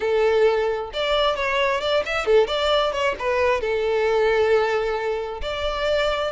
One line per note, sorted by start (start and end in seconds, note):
0.00 0.90 A4
0.93 1.36 D5
1.36 1.80 C#5
1.80 2.03 D5
2.05 2.25 E5
2.25 2.47 A4
2.47 2.92 D5
2.92 3.15 C#5
3.18 3.60 B4
3.60 5.41 A4
5.41 6.31 D5